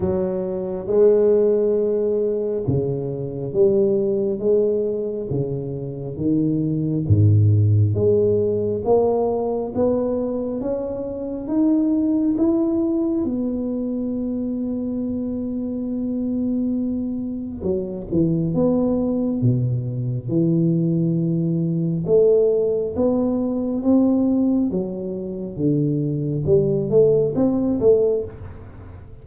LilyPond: \new Staff \with { instrumentName = "tuba" } { \time 4/4 \tempo 4 = 68 fis4 gis2 cis4 | g4 gis4 cis4 dis4 | gis,4 gis4 ais4 b4 | cis'4 dis'4 e'4 b4~ |
b1 | fis8 e8 b4 b,4 e4~ | e4 a4 b4 c'4 | fis4 d4 g8 a8 c'8 a8 | }